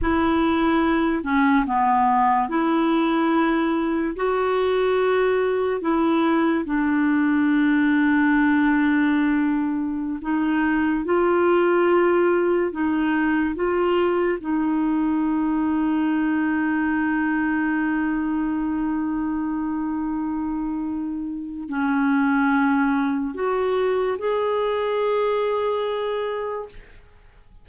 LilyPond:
\new Staff \with { instrumentName = "clarinet" } { \time 4/4 \tempo 4 = 72 e'4. cis'8 b4 e'4~ | e'4 fis'2 e'4 | d'1~ | d'16 dis'4 f'2 dis'8.~ |
dis'16 f'4 dis'2~ dis'8.~ | dis'1~ | dis'2 cis'2 | fis'4 gis'2. | }